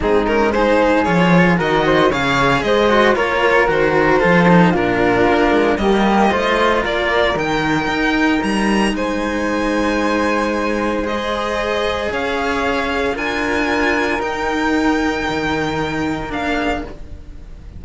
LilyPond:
<<
  \new Staff \with { instrumentName = "violin" } { \time 4/4 \tempo 4 = 114 gis'8 ais'8 c''4 cis''4 dis''4 | f''4 dis''4 cis''4 c''4~ | c''4 ais'2 dis''4~ | dis''4 d''4 g''2 |
ais''4 gis''2.~ | gis''4 dis''2 f''4~ | f''4 gis''2 g''4~ | g''2. f''4 | }
  \new Staff \with { instrumentName = "flute" } { \time 4/4 dis'4 gis'2 ais'8 c''8 | cis''4 c''4 ais'2 | a'4 f'2 g'4 | c''4 ais'2.~ |
ais'4 c''2.~ | c''2. cis''4~ | cis''4 ais'2.~ | ais'2.~ ais'8 gis'8 | }
  \new Staff \with { instrumentName = "cello" } { \time 4/4 c'8 cis'8 dis'4 f'4 fis'4 | gis'4. fis'8 f'4 fis'4 | f'8 dis'8 d'2 ais4 | f'2 dis'2~ |
dis'1~ | dis'4 gis'2.~ | gis'4 f'2 dis'4~ | dis'2. d'4 | }
  \new Staff \with { instrumentName = "cello" } { \time 4/4 gis2 f4 dis4 | cis4 gis4 ais4 dis4 | f4 ais,4 ais8 gis8 g4 | a4 ais4 dis4 dis'4 |
g4 gis2.~ | gis2. cis'4~ | cis'4 d'2 dis'4~ | dis'4 dis2 ais4 | }
>>